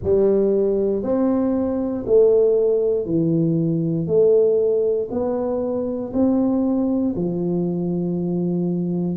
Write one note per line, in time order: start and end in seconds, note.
0.03 1.03 G3
1.03 2.04 C4
2.06 3.05 A3
3.05 4.06 E3
4.06 5.08 A3
5.10 6.12 B3
6.12 7.14 C4
7.15 9.17 F3